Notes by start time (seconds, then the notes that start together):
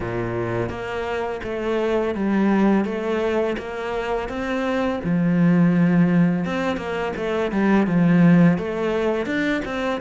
0.00 A#2
0.69 A#3
1.43 A3
2.15 G3
2.84 A3
3.57 A#3
4.29 C4
5.04 F3
6.44 C4
6.76 A#3
7.16 A3
7.51 G3
7.86 F3
8.57 A3
9.26 D4
9.65 C4